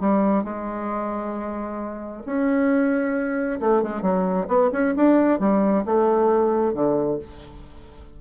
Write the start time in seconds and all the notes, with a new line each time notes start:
0.00 G3
0.44 G#3
2.26 C#4
3.60 A3
3.82 G#3
4.01 F#3
4.48 B3
4.72 C#4
4.96 D4
5.39 G3
5.85 A3
6.74 D3